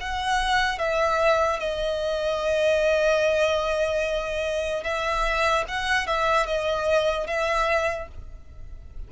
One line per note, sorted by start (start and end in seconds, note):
0.00 0.79 F#5
0.79 1.60 E5
1.60 4.84 D#5
4.84 5.65 E5
5.68 6.07 F#5
6.07 6.46 E5
6.46 7.27 D#5
7.27 8.08 E5